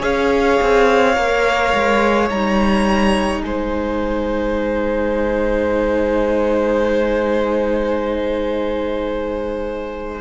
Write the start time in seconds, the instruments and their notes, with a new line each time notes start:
0.00 cello C#4, viola G#4, violin C#5 F5
0.62 cello C4
1.16 cello A#3, viola A#4
1.74 cello G#3
2.30 cello G3, viola D#4, violin A#5
3.43 cello G#3, violin C5 G#5